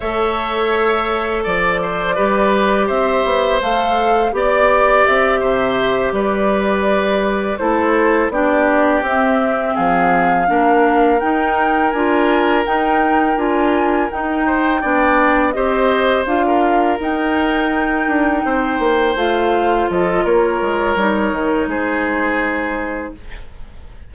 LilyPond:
<<
  \new Staff \with { instrumentName = "flute" } { \time 4/4 \tempo 4 = 83 e''2 d''2 | e''4 f''4 d''4 e''4~ | e''8 d''2 c''4 d''8~ | d''8 e''4 f''2 g''8~ |
g''8 gis''4 g''4 gis''4 g''8~ | g''4. dis''4 f''4 g''8~ | g''2~ g''8 f''4 dis''8 | cis''2 c''2 | }
  \new Staff \with { instrumentName = "oboe" } { \time 4/4 cis''2 d''8 c''8 b'4 | c''2 d''4. c''8~ | c''8 b'2 a'4 g'8~ | g'4. gis'4 ais'4.~ |
ais'1 | c''8 d''4 c''4~ c''16 ais'4~ ais'16~ | ais'4. c''2 a'8 | ais'2 gis'2 | }
  \new Staff \with { instrumentName = "clarinet" } { \time 4/4 a'2. g'4~ | g'4 a'4 g'2~ | g'2~ g'8 e'4 d'8~ | d'8 c'2 d'4 dis'8~ |
dis'8 f'4 dis'4 f'4 dis'8~ | dis'8 d'4 g'4 f'4 dis'8~ | dis'2~ dis'8 f'4.~ | f'4 dis'2. | }
  \new Staff \with { instrumentName = "bassoon" } { \time 4/4 a2 f4 g4 | c'8 b8 a4 b4 c'8 c8~ | c8 g2 a4 b8~ | b8 c'4 f4 ais4 dis'8~ |
dis'8 d'4 dis'4 d'4 dis'8~ | dis'8 b4 c'4 d'4 dis'8~ | dis'4 d'8 c'8 ais8 a4 f8 | ais8 gis8 g8 dis8 gis2 | }
>>